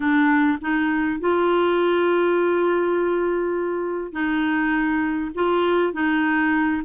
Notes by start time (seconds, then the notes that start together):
0.00 D4
0.61 D#4
1.20 F4
4.12 D#4
5.34 F4
5.93 D#4